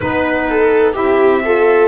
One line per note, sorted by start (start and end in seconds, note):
0.00 0.97 B3
0.00 0.94 D#4
0.00 0.94 B4
0.00 0.48 B4
0.49 0.93 A4
0.93 1.88 C4
0.93 1.42 E4
0.93 1.40 G4
0.93 1.88 E5
1.43 1.88 F4
1.43 1.88 A4